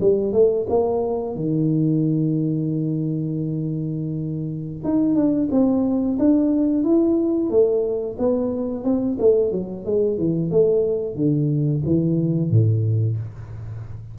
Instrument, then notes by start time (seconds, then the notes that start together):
tuba
0.00 G3
0.33 A3
0.69 A#3
1.36 D#3
4.84 D#4
5.15 D4
5.51 C4
6.19 D4
6.83 E4
7.50 A3
8.18 B3
8.84 C4
9.19 A3
9.52 F#3
9.85 G#3
10.18 E3
10.51 A3
11.15 D3
11.85 E3
12.50 A2